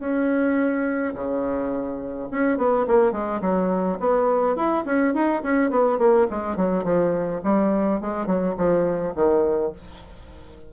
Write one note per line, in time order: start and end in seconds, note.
0.00 1.14 C#4
1.15 2.29 C#3
2.31 2.58 C#4
2.58 2.86 B3
2.88 3.12 A#3
3.12 3.41 G#3
3.42 3.99 F#3
4.00 4.56 B3
4.56 4.85 E4
4.85 5.14 C#4
5.14 5.43 D#4
5.43 5.71 C#4
5.71 5.98 B3
5.98 6.27 A#3
6.31 6.57 G#3
6.57 6.84 F#3
6.84 7.42 F3
7.44 8.01 G3
8.01 8.26 G#3
8.26 8.55 F#3
8.57 9.14 F3
9.16 9.73 D#3